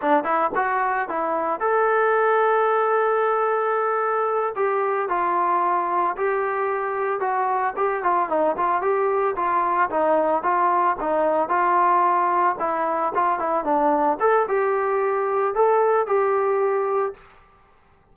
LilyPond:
\new Staff \with { instrumentName = "trombone" } { \time 4/4 \tempo 4 = 112 d'8 e'8 fis'4 e'4 a'4~ | a'1~ | a'8 g'4 f'2 g'8~ | g'4. fis'4 g'8 f'8 dis'8 |
f'8 g'4 f'4 dis'4 f'8~ | f'8 dis'4 f'2 e'8~ | e'8 f'8 e'8 d'4 a'8 g'4~ | g'4 a'4 g'2 | }